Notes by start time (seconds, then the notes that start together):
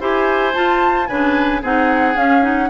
0.00 E4 G4 C5 G#5
0.53 F4 A5
1.07 C#3 D4 B4 G#5
1.61 C4 D#4 G#4 F#5
2.15 C#4 F5
2.41 D#4 F#5